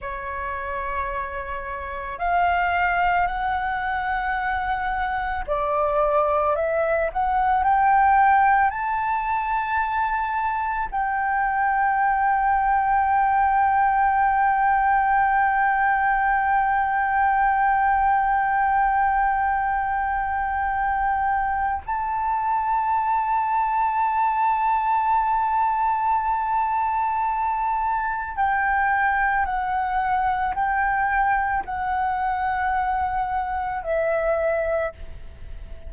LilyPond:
\new Staff \with { instrumentName = "flute" } { \time 4/4 \tempo 4 = 55 cis''2 f''4 fis''4~ | fis''4 d''4 e''8 fis''8 g''4 | a''2 g''2~ | g''1~ |
g''1 | a''1~ | a''2 g''4 fis''4 | g''4 fis''2 e''4 | }